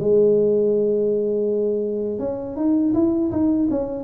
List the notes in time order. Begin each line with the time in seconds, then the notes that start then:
0.00 G#3
2.19 C#4
2.57 D#4
2.94 E4
3.32 D#4
3.71 C#4